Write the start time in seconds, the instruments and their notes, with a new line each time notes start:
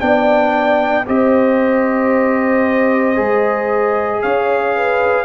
0.00 tuba B3, trombone D4, horn D5, trumpet G5
1.07 tuba C4, trombone G4, horn C5, trumpet D#5
3.16 tuba G#3, trombone G#4
4.22 tuba C#4, horn C#5, trumpet F5
4.76 horn B4